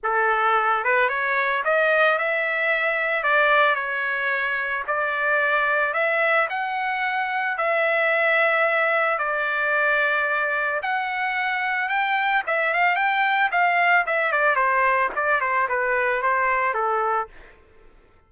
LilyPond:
\new Staff \with { instrumentName = "trumpet" } { \time 4/4 \tempo 4 = 111 a'4. b'8 cis''4 dis''4 | e''2 d''4 cis''4~ | cis''4 d''2 e''4 | fis''2 e''2~ |
e''4 d''2. | fis''2 g''4 e''8 f''8 | g''4 f''4 e''8 d''8 c''4 | d''8 c''8 b'4 c''4 a'4 | }